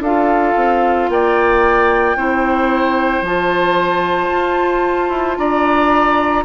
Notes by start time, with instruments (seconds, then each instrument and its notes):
0.00 bassoon D4, clarinet F4, oboe A4, flute F5
0.56 bassoon C4
1.09 bassoon A#3, oboe D5, flute G5
2.17 bassoon C4, clarinet E4, oboe C5
3.22 bassoon F3, clarinet F4, flute A5
4.31 bassoon F4
5.09 bassoon E4
5.37 bassoon D4, oboe D5, flute A#5